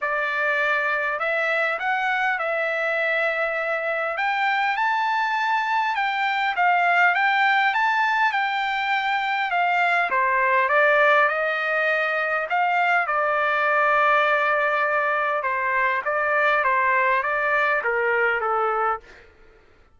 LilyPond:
\new Staff \with { instrumentName = "trumpet" } { \time 4/4 \tempo 4 = 101 d''2 e''4 fis''4 | e''2. g''4 | a''2 g''4 f''4 | g''4 a''4 g''2 |
f''4 c''4 d''4 dis''4~ | dis''4 f''4 d''2~ | d''2 c''4 d''4 | c''4 d''4 ais'4 a'4 | }